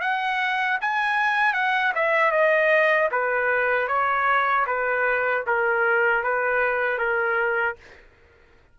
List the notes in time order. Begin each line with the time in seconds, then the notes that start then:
0.00 F#5
0.80 G#5
1.53 F#5
1.95 E5
2.31 D#5
3.11 B4
3.87 C#5
4.66 B4
5.47 A#4
6.23 B4
6.98 A#4